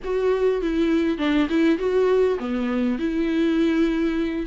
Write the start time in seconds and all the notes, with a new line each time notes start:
0.04 F#4
0.61 E4
1.18 D4
1.49 E4
1.78 F#4
2.39 B3
2.99 E4